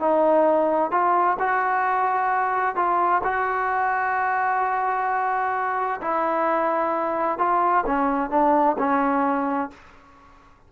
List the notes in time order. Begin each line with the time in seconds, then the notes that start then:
0.00 D#4
0.91 F4
1.40 F#4
2.76 F4
3.24 F#4
6.01 E4
7.39 F4
7.87 C#4
8.30 D4
8.79 C#4